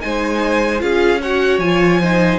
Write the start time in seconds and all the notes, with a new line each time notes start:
0.00 G#3 D#4 C5 G#5
0.79 C#4 F4 G#4 F5
1.21 F#4 C#5 F#5
1.58 F3 F4 G#5
2.00 D#4 C5